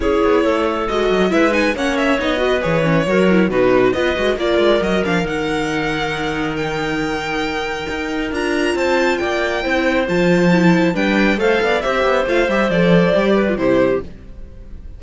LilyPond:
<<
  \new Staff \with { instrumentName = "violin" } { \time 4/4 \tempo 4 = 137 cis''2 dis''4 e''8 gis''8 | fis''8 e''8 dis''4 cis''2 | b'4 dis''4 d''4 dis''8 f''8 | fis''2. g''4~ |
g''2. ais''4 | a''4 g''2 a''4~ | a''4 g''4 f''4 e''4 | f''8 e''8 d''2 c''4 | }
  \new Staff \with { instrumentName = "clarinet" } { \time 4/4 gis'4 a'2 b'4 | cis''4. b'4. ais'4 | fis'4 b'4 ais'2~ | ais'1~ |
ais'1 | c''4 d''4 c''2~ | c''4 b'4 c''8 d''8 c''4~ | c''2~ c''8 b'8 g'4 | }
  \new Staff \with { instrumentName = "viola" } { \time 4/4 e'2 fis'4 e'8 dis'8 | cis'4 dis'8 fis'8 gis'8 cis'8 fis'8 e'8 | dis'4 f'8 fis'8 f'4 fis'8 d'8 | dis'1~ |
dis'2. f'4~ | f'2 e'4 f'4 | e'4 d'4 a'4 g'4 | f'8 g'8 a'4 g'8. f'16 e'4 | }
  \new Staff \with { instrumentName = "cello" } { \time 4/4 cis'8 b8 a4 gis8 fis8 gis4 | ais4 b4 e4 fis4 | b,4 b8 gis8 ais8 gis8 fis8 f8 | dis1~ |
dis2 dis'4 d'4 | c'4 ais4 c'4 f4~ | f4 g4 a8 b8 c'8 b8 | a8 g8 f4 g4 c4 | }
>>